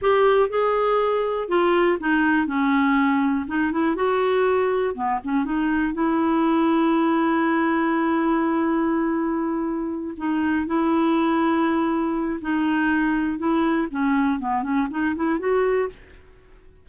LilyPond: \new Staff \with { instrumentName = "clarinet" } { \time 4/4 \tempo 4 = 121 g'4 gis'2 f'4 | dis'4 cis'2 dis'8 e'8 | fis'2 b8 cis'8 dis'4 | e'1~ |
e'1~ | e'8 dis'4 e'2~ e'8~ | e'4 dis'2 e'4 | cis'4 b8 cis'8 dis'8 e'8 fis'4 | }